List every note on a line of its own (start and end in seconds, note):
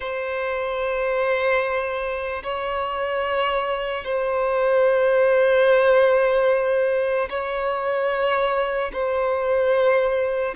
0.00 2.43 C5
2.43 4.04 C#5
4.04 7.28 C5
7.29 8.92 C#5
8.92 10.54 C5